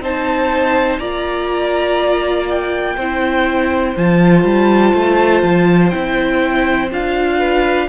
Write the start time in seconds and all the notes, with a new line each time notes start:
0.00 C4 D#4 C5 A5
0.99 A#3 F4 D5 A#5
2.50 G5
2.97 C4 E4 C5
3.96 F3 F4 A5
4.44 G3
4.93 A3
5.43 F3
5.90 C4 E4 G5
6.90 D4 F4 F5
7.38 B4